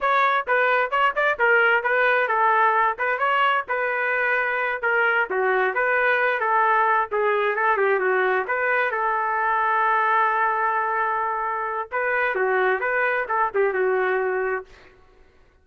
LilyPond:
\new Staff \with { instrumentName = "trumpet" } { \time 4/4 \tempo 4 = 131 cis''4 b'4 cis''8 d''8 ais'4 | b'4 a'4. b'8 cis''4 | b'2~ b'8 ais'4 fis'8~ | fis'8 b'4. a'4. gis'8~ |
gis'8 a'8 g'8 fis'4 b'4 a'8~ | a'1~ | a'2 b'4 fis'4 | b'4 a'8 g'8 fis'2 | }